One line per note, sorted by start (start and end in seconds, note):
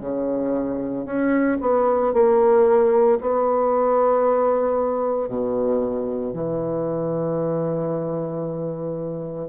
0.00 1.05 C#3
1.05 1.57 C#4
1.60 2.13 B3
2.13 3.18 A#3
3.20 5.28 B3
5.28 6.33 B2
6.33 9.48 E3